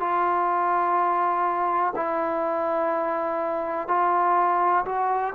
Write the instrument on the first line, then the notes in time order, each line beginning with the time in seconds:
trombone
0.00 F4
1.96 E4
3.88 F4
4.85 F#4